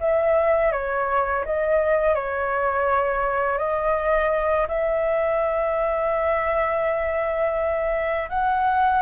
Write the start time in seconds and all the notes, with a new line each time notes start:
0.00 E5
0.72 C#5
1.45 D#5
2.15 C#5
3.58 D#5
4.68 E5
8.29 F#5